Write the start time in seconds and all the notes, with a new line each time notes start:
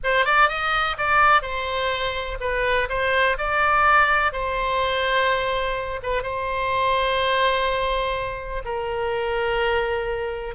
0.03 C5
0.25 D5
0.48 D#5
0.97 D5
1.41 C5
2.40 B4
2.89 C5
3.37 D5
4.32 C5
6.02 B4
6.22 C5
8.64 A#4